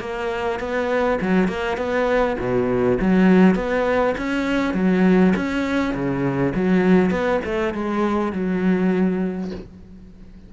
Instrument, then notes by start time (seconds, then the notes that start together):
cello
0.00 A#3
0.59 B3
1.21 F#3
1.48 A#3
1.77 B3
2.39 B2
3.00 F#3
3.55 B3
4.17 C#4
4.74 F#3
5.36 C#4
5.94 C#3
6.55 F#3
7.11 B3
7.45 A3
7.74 G#3
8.32 F#3